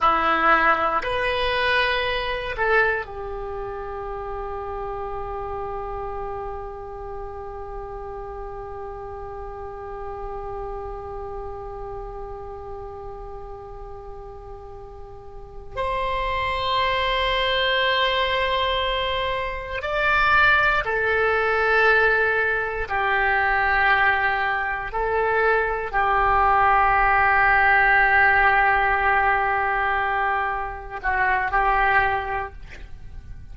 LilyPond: \new Staff \with { instrumentName = "oboe" } { \time 4/4 \tempo 4 = 59 e'4 b'4. a'8 g'4~ | g'1~ | g'1~ | g'2.~ g'8 c''8~ |
c''2.~ c''8 d''8~ | d''8 a'2 g'4.~ | g'8 a'4 g'2~ g'8~ | g'2~ g'8 fis'8 g'4 | }